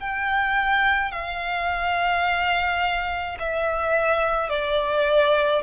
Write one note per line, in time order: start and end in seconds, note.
0.00 1.11 G5
1.11 3.38 F5
3.40 4.49 E5
4.49 5.62 D5